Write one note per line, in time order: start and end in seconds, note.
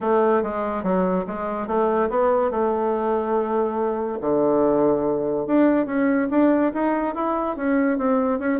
0.00 0.42 A3
0.43 0.83 G#3
0.83 1.25 F#3
1.26 1.67 G#3
1.67 2.09 A3
2.09 2.50 B3
2.50 4.18 A3
4.21 5.46 D3
5.46 5.86 D4
5.86 6.27 C#4
6.30 6.72 D4
6.73 7.14 D#4
7.14 7.56 E4
7.56 7.98 C#4
7.98 8.39 C4
8.39 8.60 C#4